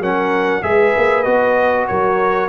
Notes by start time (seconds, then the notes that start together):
0.00 F#3 C#4 A#4 F#5
0.62 G#3 G#4 B4 E5
0.97 A#3
1.23 B3 F#4 D#5
1.87 F#3 A#4 C#5